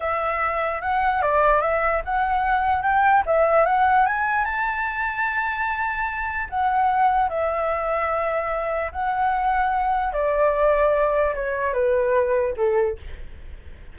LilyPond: \new Staff \with { instrumentName = "flute" } { \time 4/4 \tempo 4 = 148 e''2 fis''4 d''4 | e''4 fis''2 g''4 | e''4 fis''4 gis''4 a''4~ | a''1 |
fis''2 e''2~ | e''2 fis''2~ | fis''4 d''2. | cis''4 b'2 a'4 | }